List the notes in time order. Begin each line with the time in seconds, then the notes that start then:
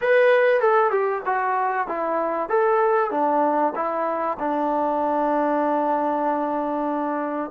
0.01 B4
0.61 A4
0.90 G4
1.25 F#4
1.88 E4
2.49 A4
3.10 D4
3.75 E4
4.39 D4